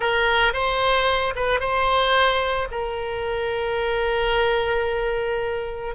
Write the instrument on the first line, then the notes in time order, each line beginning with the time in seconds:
oboe
0.00 A#4
0.53 C5
1.35 B4
1.60 C5
2.71 A#4